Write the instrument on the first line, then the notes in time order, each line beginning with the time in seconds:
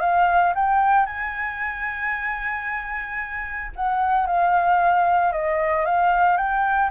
flute
0.00 F5
0.55 G5
1.05 G#5
3.75 F#5
4.26 F5
5.32 D#5
5.85 F5
6.36 G5